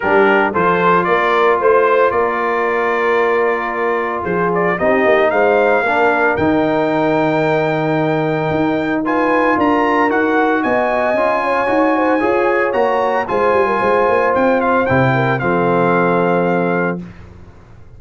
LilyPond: <<
  \new Staff \with { instrumentName = "trumpet" } { \time 4/4 \tempo 4 = 113 ais'4 c''4 d''4 c''4 | d''1 | c''8 d''8 dis''4 f''2 | g''1~ |
g''4 gis''4 ais''4 fis''4 | gis''1 | ais''4 gis''2 g''8 f''8 | g''4 f''2. | }
  \new Staff \with { instrumentName = "horn" } { \time 4/4 g'4 a'4 ais'4 c''4 | ais'1 | gis'4 g'4 c''4 ais'4~ | ais'1~ |
ais'4 b'4 ais'2 | dis''4. cis''4 c''8 cis''4~ | cis''4 c''8. ais'16 c''2~ | c''8 ais'8 a'2. | }
  \new Staff \with { instrumentName = "trombone" } { \time 4/4 d'4 f'2.~ | f'1~ | f'4 dis'2 d'4 | dis'1~ |
dis'4 f'2 fis'4~ | fis'4 f'4 fis'4 gis'4 | fis'4 f'2. | e'4 c'2. | }
  \new Staff \with { instrumentName = "tuba" } { \time 4/4 g4 f4 ais4 a4 | ais1 | f4 c'8 ais8 gis4 ais4 | dis1 |
dis'2 d'4 dis'4 | b4 cis'4 dis'4 f'4 | ais4 gis8 g8 gis8 ais8 c'4 | c4 f2. | }
>>